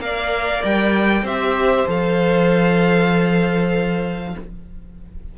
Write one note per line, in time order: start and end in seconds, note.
0.00 0.62 A#3
0.00 1.24 A#4
0.00 1.24 D5
0.00 0.63 F5
0.65 1.23 G3
0.65 1.26 G5
1.23 1.85 C4
1.23 1.87 G4
1.23 4.34 C5
1.23 1.88 E5
1.87 4.35 F3
1.87 4.35 A4
1.87 4.38 F5